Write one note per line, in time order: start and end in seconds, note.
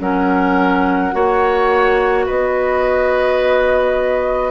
0.00 1.14 F#3
0.00 1.12 C#4
0.00 1.15 A#4
0.00 2.27 F#5
1.12 2.27 A#3
1.12 4.51 F#4
1.12 2.26 C#5
2.26 4.51 B3
2.26 4.51 B4
2.26 4.51 D#5